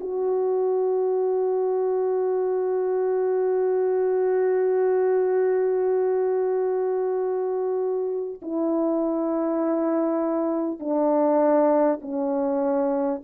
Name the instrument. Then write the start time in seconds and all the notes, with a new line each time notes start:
horn
0.00 F#4
8.42 E4
10.79 D4
12.01 C#4